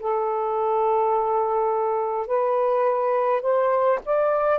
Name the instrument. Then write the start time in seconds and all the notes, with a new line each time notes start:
saxophone
0.00 A4
2.28 B4
3.42 C5
4.06 D5